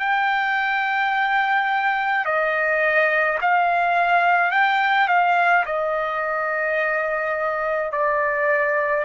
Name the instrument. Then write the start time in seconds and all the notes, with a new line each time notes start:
trumpet
0.00 G5
2.25 D#5
3.42 F5
4.52 G5
5.08 F5
5.66 D#5
7.92 D5